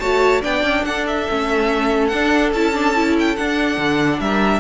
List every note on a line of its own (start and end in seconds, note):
0.00 0.44 A3
0.00 0.42 F#4
0.00 0.42 C#5
0.00 0.42 A5
0.42 0.64 B3
0.42 1.26 D4
0.42 0.84 D5
0.42 0.85 G5
0.64 0.85 C#4
0.85 1.28 D4
0.85 4.22 A4
0.85 1.06 F#5
1.07 2.08 E5
1.30 2.12 A3
1.30 2.12 C#4
2.08 2.54 D4
2.08 2.50 F#5
2.54 3.38 C#4
2.54 2.74 E4
2.54 3.17 A5
2.74 2.95 D4
2.95 3.37 E4
3.20 3.36 G5
3.36 4.60 D4
3.36 3.78 D4
3.36 4.20 F#5
3.78 4.20 D3
4.21 4.60 G3
4.21 4.60 A#4
4.21 4.60 E5